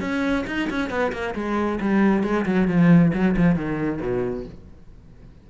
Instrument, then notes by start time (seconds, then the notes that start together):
cello
0.00 C#4
0.46 D#4
0.69 C#4
0.89 B3
1.12 A#3
1.35 G#3
1.80 G3
2.23 G#3
2.45 F#3
2.67 F3
3.13 F#3
3.37 F3
3.55 D#3
4.00 B2